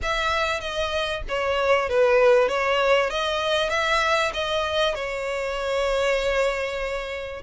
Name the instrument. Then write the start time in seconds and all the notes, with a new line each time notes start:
violin
0.02 E5
0.60 D#5
1.28 C#5
1.89 B4
2.48 C#5
3.09 D#5
3.69 E5
4.33 D#5
4.95 C#5